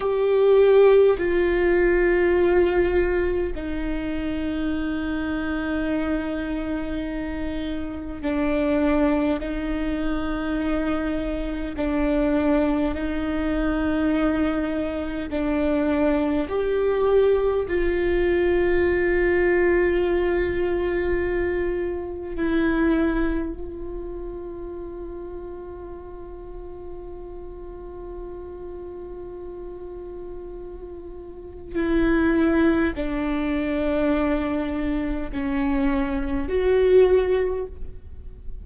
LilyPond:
\new Staff \with { instrumentName = "viola" } { \time 4/4 \tempo 4 = 51 g'4 f'2 dis'4~ | dis'2. d'4 | dis'2 d'4 dis'4~ | dis'4 d'4 g'4 f'4~ |
f'2. e'4 | f'1~ | f'2. e'4 | d'2 cis'4 fis'4 | }